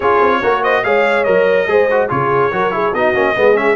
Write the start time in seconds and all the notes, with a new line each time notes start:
0.00 C#4 F4 G#4 C#5
0.21 C4
0.42 A#3 F#4 A#4
0.63 C5 D#5
0.84 G#3 G#4 C#5 F5
1.24 F#3 A#4 D#5
1.67 G#3 G#4 C5
1.90 F#4
2.09 C#3 F4 G#4 C#5
2.51 F#3 F#4 A#4
2.71 E4 G#4
2.94 B3 D#4 F#4 D#5
3.14 A#3 C#4
3.35 G#3 B3 G#4
3.55 C#4 E5